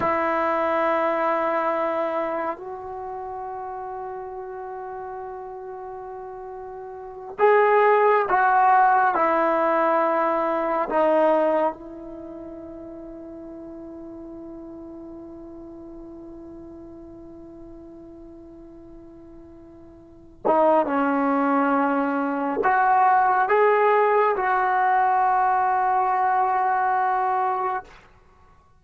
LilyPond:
\new Staff \with { instrumentName = "trombone" } { \time 4/4 \tempo 4 = 69 e'2. fis'4~ | fis'1~ | fis'8 gis'4 fis'4 e'4.~ | e'8 dis'4 e'2~ e'8~ |
e'1~ | e'2.~ e'8 dis'8 | cis'2 fis'4 gis'4 | fis'1 | }